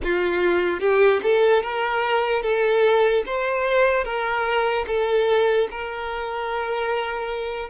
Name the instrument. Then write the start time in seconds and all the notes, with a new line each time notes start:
violin
0.03 F4
0.80 G4
1.22 A4
1.63 A#4
2.42 A4
3.26 C5
4.04 A#4
4.86 A4
5.71 A#4